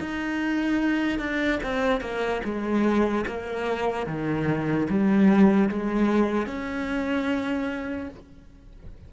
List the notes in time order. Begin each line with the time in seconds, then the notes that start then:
0.00 D#4
1.19 D4
1.63 C4
2.01 A#3
2.44 G#3
3.27 A#3
4.07 D#3
4.90 G3
5.69 G#3
6.47 C#4